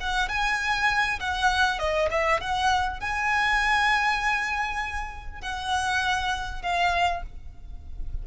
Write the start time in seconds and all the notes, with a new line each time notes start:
0.00 F#5
0.28 G#5
1.20 F#5
1.79 D#5
2.10 E5
2.40 F#5
3.00 G#5
5.41 F#5
6.62 F5